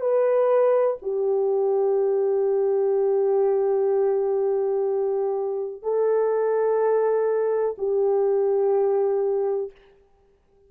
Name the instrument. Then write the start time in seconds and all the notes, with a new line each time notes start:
horn
0.00 B4
1.02 G4
5.82 A4
7.77 G4